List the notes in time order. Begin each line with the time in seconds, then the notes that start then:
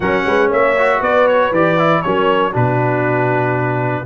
0.00 F#3 C#4 A#4 F#5
0.25 G#3 B4
0.47 A#3 C#5 E5
0.77 F#4
0.99 B3 B4 D5
1.27 C#5
1.51 E3 G4 D5
1.78 E4
2.02 F#3 C#4 A#4 C#5
2.51 B2 D4 F#4 B4